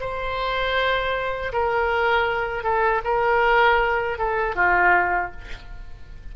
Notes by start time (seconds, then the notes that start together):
0.00 C5
1.52 A#4
2.63 A4
3.04 A#4
4.18 A4
4.55 F4